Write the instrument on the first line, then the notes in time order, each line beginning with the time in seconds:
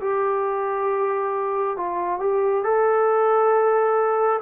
trombone
0.00 G4
1.77 F4
2.19 G4
2.64 A4